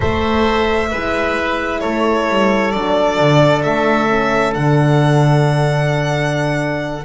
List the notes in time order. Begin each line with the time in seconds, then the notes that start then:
0.00 A3 A4 C5 E5
0.90 G#3 E4 B4
1.80 A3 A4 C#5
2.28 G3
2.71 F#3 D4 D5
3.19 D3
3.62 A3 E5
4.07 C#4
4.52 D3 D4 F#5